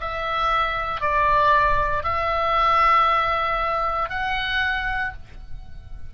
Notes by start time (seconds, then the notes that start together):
0.00 E5
1.01 D5
2.04 E5
4.09 F#5